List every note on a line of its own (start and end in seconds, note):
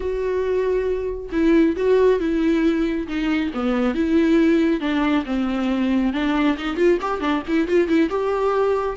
0.00 1.29 F#4
1.32 1.75 E4
1.76 2.19 F#4
2.19 3.07 E4
3.07 3.51 D#4
3.54 3.94 B3
3.94 4.80 E4
4.80 5.24 D4
5.25 6.13 C4
6.13 6.57 D4
6.57 6.76 D#4
6.76 6.98 F4
7.01 7.20 G4
7.20 7.42 D4
7.47 7.67 E4
7.67 7.88 F4
7.88 8.09 E4
8.09 8.96 G4